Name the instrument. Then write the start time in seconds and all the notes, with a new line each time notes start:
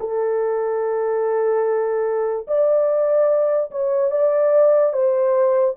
horn
0.00 A4
2.47 D5
3.71 C#5
4.11 D5
4.93 C5